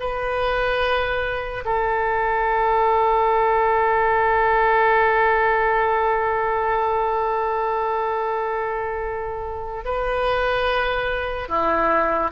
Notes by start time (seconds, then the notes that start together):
0.00 B4
1.66 A4
9.85 B4
11.49 E4